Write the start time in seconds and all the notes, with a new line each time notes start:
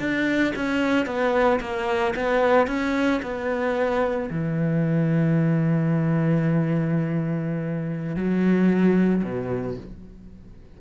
0.00 D4
0.56 C#4
1.06 B3
1.61 A#3
2.16 B3
2.67 C#4
3.23 B3
4.31 E3
8.16 F#3
9.24 B2